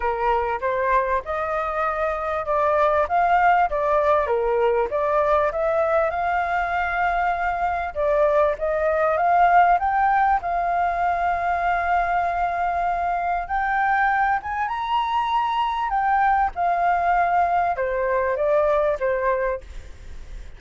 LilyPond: \new Staff \with { instrumentName = "flute" } { \time 4/4 \tempo 4 = 98 ais'4 c''4 dis''2 | d''4 f''4 d''4 ais'4 | d''4 e''4 f''2~ | f''4 d''4 dis''4 f''4 |
g''4 f''2.~ | f''2 g''4. gis''8 | ais''2 g''4 f''4~ | f''4 c''4 d''4 c''4 | }